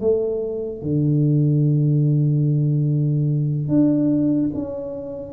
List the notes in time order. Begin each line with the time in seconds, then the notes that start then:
0.00 A3
0.82 D3
3.68 D4
4.54 C#4